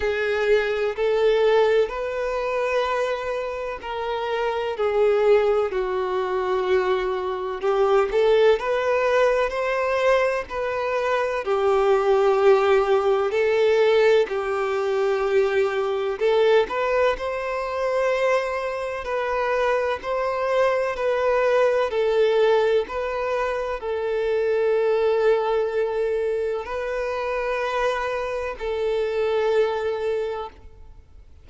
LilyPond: \new Staff \with { instrumentName = "violin" } { \time 4/4 \tempo 4 = 63 gis'4 a'4 b'2 | ais'4 gis'4 fis'2 | g'8 a'8 b'4 c''4 b'4 | g'2 a'4 g'4~ |
g'4 a'8 b'8 c''2 | b'4 c''4 b'4 a'4 | b'4 a'2. | b'2 a'2 | }